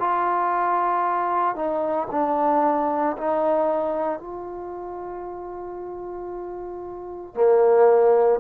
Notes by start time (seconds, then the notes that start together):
0.00 F4
1.55 D#4
2.11 D4
3.17 D#4
4.19 F4
7.34 A#3